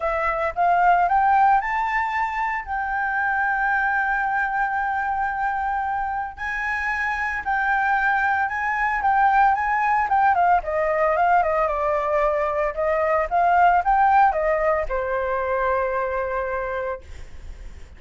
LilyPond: \new Staff \with { instrumentName = "flute" } { \time 4/4 \tempo 4 = 113 e''4 f''4 g''4 a''4~ | a''4 g''2.~ | g''1 | gis''2 g''2 |
gis''4 g''4 gis''4 g''8 f''8 | dis''4 f''8 dis''8 d''2 | dis''4 f''4 g''4 dis''4 | c''1 | }